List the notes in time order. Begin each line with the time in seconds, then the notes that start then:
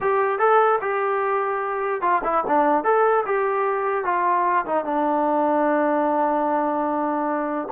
0.01 G4
0.39 A4
0.81 G4
2.01 F4
2.24 E4
2.47 D4
2.84 A4
3.25 G4
4.04 F4
4.65 D#4
4.84 D4